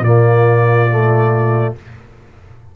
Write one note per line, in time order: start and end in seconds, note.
0.00 1.71 A#2
0.00 0.90 A#3
0.00 1.75 F4
0.00 1.75 D5
0.90 1.76 A3